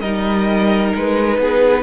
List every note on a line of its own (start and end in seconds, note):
0.00 0.94 G3
0.00 1.83 D#4
0.00 1.39 A#4
0.00 0.92 D#5
0.96 1.38 G#3
0.96 1.83 B4
1.38 1.83 B3
1.38 1.83 G#4